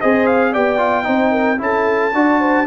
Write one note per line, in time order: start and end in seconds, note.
0.00 0.55 C4
0.00 0.53 G#4
0.00 0.51 C5
0.00 0.26 D#5
0.26 0.53 F5
0.51 1.07 B3
0.51 0.78 G4
0.51 1.05 D5
0.51 1.60 G5
0.78 1.03 F4
1.03 1.60 C4
1.03 1.57 D#4
1.03 1.31 C5
1.31 1.58 A#4
1.58 2.14 C#4
1.58 2.11 E4
1.58 2.16 A4
1.58 2.66 A5
2.14 2.66 D4
2.14 2.66 F#4
2.14 2.40 D5
2.40 2.66 C5